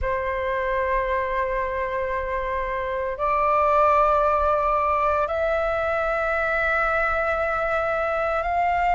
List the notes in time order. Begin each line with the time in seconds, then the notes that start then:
0.01 C5
3.17 D5
5.27 E5
8.43 F5